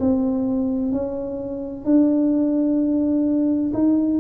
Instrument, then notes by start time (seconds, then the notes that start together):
tuba
0.00 C4
0.92 C#4
1.85 D4
3.74 D#4